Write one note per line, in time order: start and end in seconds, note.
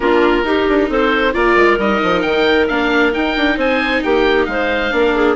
0.00 0.43 A#3
0.00 0.42 D4
0.00 0.45 F4
0.00 0.90 A#4
0.43 0.66 D#4
0.43 1.33 D#4
0.43 0.89 G4
0.68 0.89 D4
0.89 1.34 C4
0.89 1.34 A4
0.89 1.33 C5
1.33 1.56 A#3
1.33 1.78 F4
1.33 3.57 A#4
1.33 1.78 D5
1.56 1.78 G#3
1.78 2.00 G3
1.78 2.69 D#4
1.78 2.21 D#5
2.02 2.24 F3
2.21 2.68 D#3
2.21 2.66 G5
2.67 3.14 A#3
2.67 3.12 D4
2.67 3.12 F5
3.12 4.91 D#4
3.12 3.36 D#4
3.12 3.58 G5
3.36 3.57 D4
3.57 4.01 C4
3.57 4.01 C5
3.57 4.03 G#5
4.03 4.47 A#3
4.03 4.48 G4
4.03 4.45 G5
4.45 4.92 G#3
4.45 4.95 C5
4.45 5.35 F5
4.91 5.36 A#3
4.91 5.36 D4
4.91 5.15 A#4
5.15 5.36 G#4